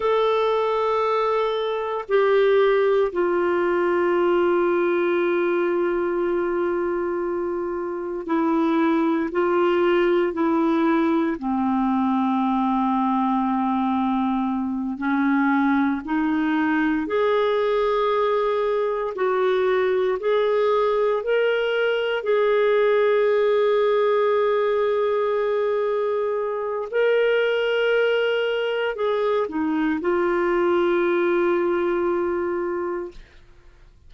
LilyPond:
\new Staff \with { instrumentName = "clarinet" } { \time 4/4 \tempo 4 = 58 a'2 g'4 f'4~ | f'1 | e'4 f'4 e'4 c'4~ | c'2~ c'8 cis'4 dis'8~ |
dis'8 gis'2 fis'4 gis'8~ | gis'8 ais'4 gis'2~ gis'8~ | gis'2 ais'2 | gis'8 dis'8 f'2. | }